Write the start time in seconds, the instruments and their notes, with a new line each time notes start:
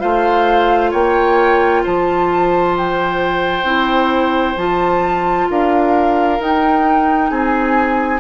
0.00 bassoon A3, clarinet F4, oboe C5, flute F5
0.91 bassoon A#3, oboe C#5, flute G5
1.84 bassoon F3, oboe C5, flute A5
2.78 flute G5
3.64 bassoon C4, clarinet E4
4.57 bassoon F3, clarinet F4, flute A5
5.51 bassoon D4, oboe A#4, flute F5
6.40 bassoon D#4, clarinet D#4, flute G5
7.30 bassoon C4, oboe G#4, flute G#5